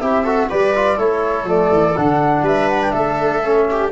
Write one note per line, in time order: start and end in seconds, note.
0.00 0.50 C4
0.00 0.25 E4
0.00 0.24 G4
0.00 0.49 E5
0.24 0.50 F#4
0.24 0.48 A4
0.50 0.98 G3
0.50 0.74 G4
0.50 0.96 B4
0.50 0.99 D5
0.75 0.98 F4
0.96 1.44 A3
0.96 1.46 E4
0.96 2.42 A4
0.96 1.48 C#5
1.44 1.68 F3
1.44 1.95 A3
1.44 1.97 D5
1.72 1.96 E3
1.97 2.42 D3
1.97 3.43 D4
1.97 2.46 F#5
2.42 2.91 G3
2.42 2.93 B4
2.42 2.68 E5
2.68 2.80 F#5
2.82 2.91 G5
2.91 3.92 A3
2.91 3.66 A4
2.91 3.88 E5
3.43 3.92 C#4
3.70 3.92 G4